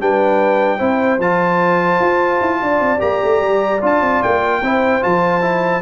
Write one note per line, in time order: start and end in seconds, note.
0.00 0.80 G3
0.00 0.79 D4
0.00 0.79 B4
0.00 1.21 G5
0.79 1.19 C4
0.79 1.19 E4
0.79 2.60 C5
1.19 2.00 F3
1.19 2.99 F4
1.19 3.01 A5
2.00 2.40 F4
2.41 2.61 E4
2.61 2.80 D4
2.61 4.63 D5
2.80 3.00 C4
2.99 3.22 A#3
2.99 3.79 G4
2.99 3.81 A#5
3.23 3.41 A3
3.41 3.81 G3
3.82 4.01 D4
3.82 4.62 F4
3.82 4.23 A5
4.01 4.21 C4
4.23 4.62 A#3
4.23 5.03 G5
4.62 5.02 C4
4.62 5.01 E4
4.62 5.82 C5
5.01 5.82 F3
5.01 5.42 F4
5.01 5.82 A5
5.42 5.82 E4